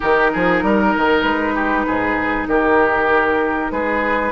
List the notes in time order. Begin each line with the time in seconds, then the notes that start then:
0.00 D#3 D#4 G4 A#4
0.32 F3 G#4
0.62 G3 A#4
0.97 D#3
1.21 G#3 B4
1.54 G4
1.86 G#2 G#4
2.47 D#3 G4 A#4
3.71 G#3 G#4 B4